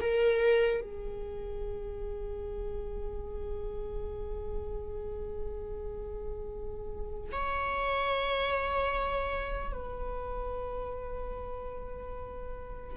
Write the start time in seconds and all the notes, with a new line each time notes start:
0.00 A#4
0.80 G#4
7.32 C#5
9.73 B4